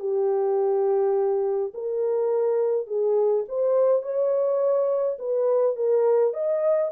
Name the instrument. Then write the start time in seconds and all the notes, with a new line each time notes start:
horn
0.00 G4
1.74 A#4
2.87 G#4
3.49 C5
4.03 C#5
5.19 B4
5.76 A#4
6.34 D#5